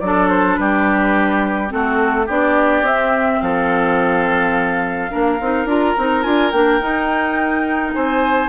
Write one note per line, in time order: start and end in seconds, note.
0.00 0.57 F#3
0.00 1.69 D4
0.00 0.60 A4
0.00 0.28 D5
0.29 0.55 C5
0.55 1.72 G3
0.55 1.73 G4
0.55 1.69 B4
1.69 2.28 A3
1.69 2.25 C4
1.69 2.26 F#4
1.69 2.28 A4
2.26 2.82 B3
2.26 2.86 D4
2.26 3.39 G4
2.26 2.86 D5
2.82 3.39 C4
2.82 5.11 C4
2.82 3.41 E5
3.41 5.11 F3
3.41 5.11 A4
3.41 5.68 F5
5.11 5.41 A#3
5.11 5.39 D4
5.11 7.94 A#4
5.41 5.65 C4
5.41 5.68 D#4
5.65 5.94 D4
5.65 5.96 F4
5.65 6.23 A#5
5.98 6.25 C4
5.98 6.23 D#4
6.23 6.52 D4
6.23 6.52 F4
6.23 6.51 G#5
6.51 6.81 A#3
6.51 6.80 D4
6.51 7.93 G5
6.80 8.48 D#4
6.80 7.94 D#4
7.93 8.48 C4
7.93 8.48 C5
7.93 8.48 G#5